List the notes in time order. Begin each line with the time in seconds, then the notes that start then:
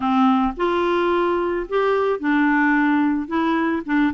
0.00 C4
0.56 F4
1.68 G4
2.19 D4
3.27 E4
3.85 D4